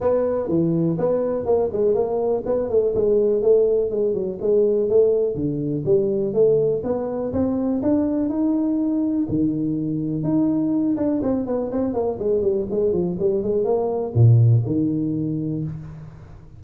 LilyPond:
\new Staff \with { instrumentName = "tuba" } { \time 4/4 \tempo 4 = 123 b4 e4 b4 ais8 gis8 | ais4 b8 a8 gis4 a4 | gis8 fis8 gis4 a4 d4 | g4 a4 b4 c'4 |
d'4 dis'2 dis4~ | dis4 dis'4. d'8 c'8 b8 | c'8 ais8 gis8 g8 gis8 f8 g8 gis8 | ais4 ais,4 dis2 | }